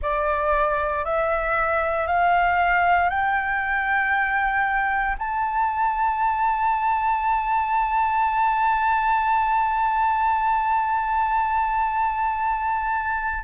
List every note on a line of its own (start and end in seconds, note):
0.02 1.04 D5
1.04 2.07 E5
2.07 3.09 F5
3.09 5.16 G5
5.18 13.43 A5